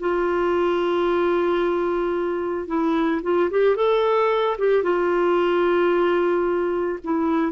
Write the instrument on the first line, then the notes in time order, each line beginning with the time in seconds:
clarinet
0.00 F4
2.67 E4
3.23 F4
3.51 G4
3.76 A4
4.58 G4
4.83 F4
7.04 E4